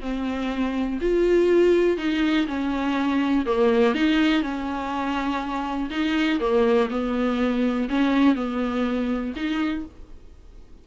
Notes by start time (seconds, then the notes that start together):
0.00 C4
1.01 F4
1.97 D#4
2.46 C#4
3.45 A#3
3.94 D#4
4.42 C#4
5.90 D#4
6.39 A#3
6.90 B3
7.88 C#4
8.35 B3
9.36 D#4